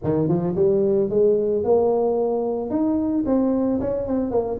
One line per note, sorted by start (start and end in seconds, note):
0.03 0.28 D#3
0.28 0.55 F3
0.55 1.09 G3
1.09 1.63 G#3
1.64 2.70 A#3
2.70 3.24 D#4
3.26 3.80 C4
3.80 4.07 C#4
4.07 4.31 C4
4.31 4.58 A#3